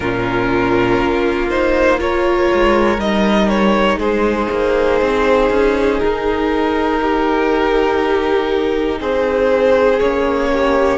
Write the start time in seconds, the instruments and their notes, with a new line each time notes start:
0.00 cello A#2, viola C#4, violin F4 A#4
0.98 cello A#3
1.49 viola D#4, violin C5
1.98 viola F4, violin A#4 C#5
2.53 cello G#3
2.98 cello G3, viola D#4, violin D#5
3.49 violin C#5
3.97 cello G#3, violin G#4 C5
4.51 cello A#3
5.01 cello C4
5.50 cello C#4
5.99 cello D#4, violin A#4
7.02 violin G4
9.00 cello C4, violin G#4 C5
9.99 cello A#3, viola C#4, violin C#5
10.52 violin G4